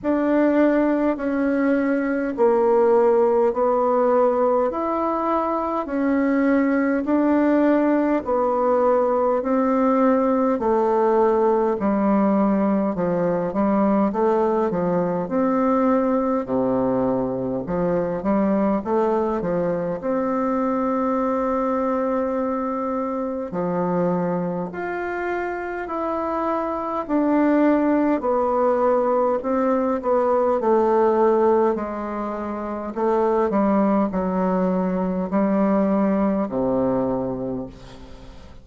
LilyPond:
\new Staff \with { instrumentName = "bassoon" } { \time 4/4 \tempo 4 = 51 d'4 cis'4 ais4 b4 | e'4 cis'4 d'4 b4 | c'4 a4 g4 f8 g8 | a8 f8 c'4 c4 f8 g8 |
a8 f8 c'2. | f4 f'4 e'4 d'4 | b4 c'8 b8 a4 gis4 | a8 g8 fis4 g4 c4 | }